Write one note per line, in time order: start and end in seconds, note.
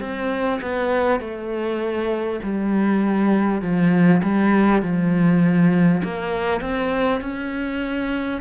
0.00 0.60 C4
0.62 1.20 B3
1.20 2.40 A3
2.43 3.62 G3
3.62 4.22 F3
4.23 4.83 G3
4.83 6.03 F3
6.04 6.61 A#3
6.61 7.21 C4
7.21 8.41 C#4